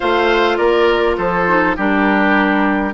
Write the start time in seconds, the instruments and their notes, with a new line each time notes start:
0.00 bassoon A3, clarinet F4, oboe C5, flute F5
0.56 bassoon A#3, oboe A#4, flute D5
1.17 bassoon F3, oboe A4, flute C5
1.47 clarinet D#4
1.76 bassoon G3, clarinet D4, oboe G4, flute A#4